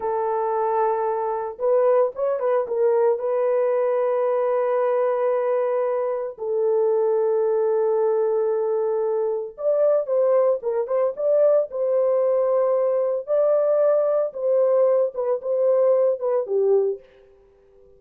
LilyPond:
\new Staff \with { instrumentName = "horn" } { \time 4/4 \tempo 4 = 113 a'2. b'4 | cis''8 b'8 ais'4 b'2~ | b'1 | a'1~ |
a'2 d''4 c''4 | ais'8 c''8 d''4 c''2~ | c''4 d''2 c''4~ | c''8 b'8 c''4. b'8 g'4 | }